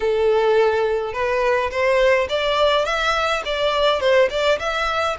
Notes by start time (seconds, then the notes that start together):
0.00 A4
1.13 B4
1.70 C5
2.29 D5
2.85 E5
3.45 D5
4.00 C5
4.30 D5
4.59 E5